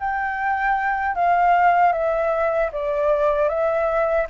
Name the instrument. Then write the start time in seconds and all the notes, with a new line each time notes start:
flute
0.00 G5
1.15 F5
1.93 E5
2.73 D5
3.49 E5